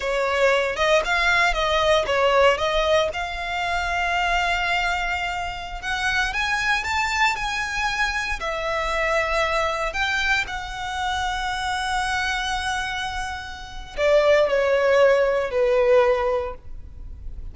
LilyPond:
\new Staff \with { instrumentName = "violin" } { \time 4/4 \tempo 4 = 116 cis''4. dis''8 f''4 dis''4 | cis''4 dis''4 f''2~ | f''2.~ f''16 fis''8.~ | fis''16 gis''4 a''4 gis''4.~ gis''16~ |
gis''16 e''2. g''8.~ | g''16 fis''2.~ fis''8.~ | fis''2. d''4 | cis''2 b'2 | }